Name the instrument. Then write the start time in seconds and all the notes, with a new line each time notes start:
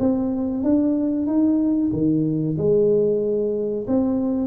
tuba
0.00 C4
0.64 D4
1.27 D#4
1.93 D#3
2.58 G#3
3.88 C4